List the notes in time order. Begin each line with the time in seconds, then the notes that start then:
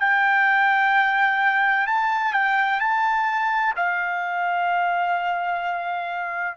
0.00 G5
1.87 A5
2.33 G5
2.80 A5
3.76 F5